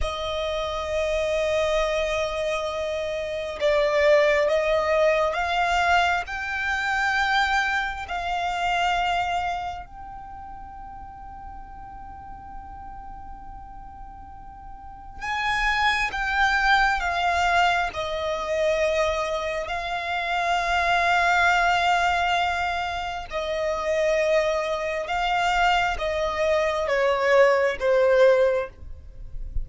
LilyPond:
\new Staff \with { instrumentName = "violin" } { \time 4/4 \tempo 4 = 67 dis''1 | d''4 dis''4 f''4 g''4~ | g''4 f''2 g''4~ | g''1~ |
g''4 gis''4 g''4 f''4 | dis''2 f''2~ | f''2 dis''2 | f''4 dis''4 cis''4 c''4 | }